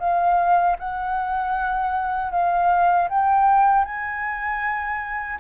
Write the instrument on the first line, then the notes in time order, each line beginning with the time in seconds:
flute
0.00 F5
0.79 F#5
2.32 F5
3.09 G5
3.85 G#5